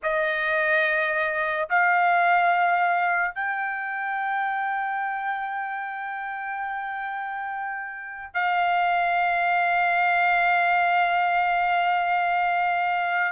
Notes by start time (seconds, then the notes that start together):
0.02 D#5
1.69 F5
3.34 G5
8.34 F5